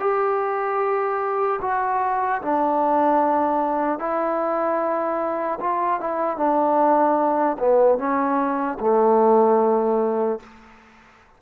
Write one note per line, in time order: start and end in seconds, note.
0.00 1.60 G4
1.62 2.42 F#4
2.42 3.99 D4
3.99 5.59 E4
5.60 6.00 F4
6.00 6.37 E4
6.37 7.57 D4
7.59 7.98 B3
7.98 8.78 C#4
8.80 10.40 A3